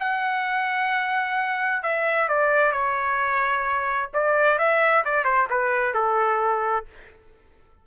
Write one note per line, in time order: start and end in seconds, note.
0.00 1.83 F#5
1.83 2.28 E5
2.28 2.72 D5
2.72 4.10 C#5
4.14 4.58 D5
4.58 5.04 E5
5.05 5.25 D5
5.25 5.48 C5
5.50 5.94 B4
5.94 6.86 A4